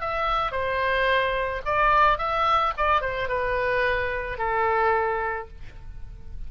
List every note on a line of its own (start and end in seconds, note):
0.00 0.51 E5
0.51 1.61 C5
1.65 2.18 D5
2.18 2.73 E5
2.77 3.01 D5
3.01 3.28 C5
3.28 4.38 B4
4.38 5.48 A4